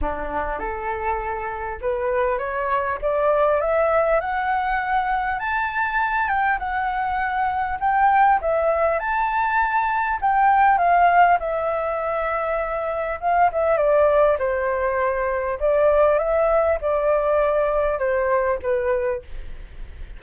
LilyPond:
\new Staff \with { instrumentName = "flute" } { \time 4/4 \tempo 4 = 100 d'4 a'2 b'4 | cis''4 d''4 e''4 fis''4~ | fis''4 a''4. g''8 fis''4~ | fis''4 g''4 e''4 a''4~ |
a''4 g''4 f''4 e''4~ | e''2 f''8 e''8 d''4 | c''2 d''4 e''4 | d''2 c''4 b'4 | }